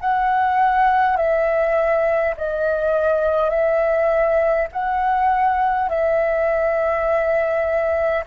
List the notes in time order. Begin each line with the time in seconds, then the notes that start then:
0.00 F#5
1.17 E5
2.37 D#5
3.50 E5
4.72 F#5
5.89 E5